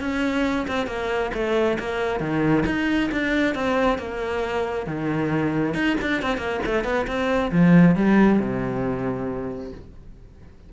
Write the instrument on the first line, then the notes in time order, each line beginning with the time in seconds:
cello
0.00 C#4
0.67 C4
0.86 A#3
1.34 A3
1.79 A#3
2.20 D#3
2.66 D#4
3.11 D4
3.54 C4
3.98 A#3
4.86 D#3
5.74 D#4
6.01 D4
6.22 C4
6.37 A#3
6.65 A3
6.83 B3
7.07 C4
7.51 F3
7.95 G3
8.39 C3